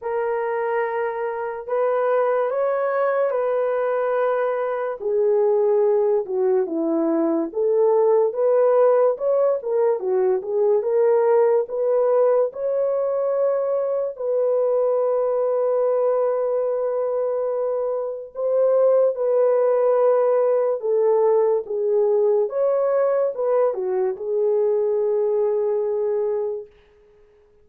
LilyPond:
\new Staff \with { instrumentName = "horn" } { \time 4/4 \tempo 4 = 72 ais'2 b'4 cis''4 | b'2 gis'4. fis'8 | e'4 a'4 b'4 cis''8 ais'8 | fis'8 gis'8 ais'4 b'4 cis''4~ |
cis''4 b'2.~ | b'2 c''4 b'4~ | b'4 a'4 gis'4 cis''4 | b'8 fis'8 gis'2. | }